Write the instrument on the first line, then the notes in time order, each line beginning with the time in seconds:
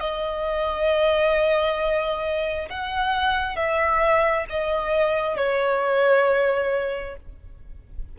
violin
0.00 D#5
2.69 F#5
3.56 E5
4.49 D#5
5.37 C#5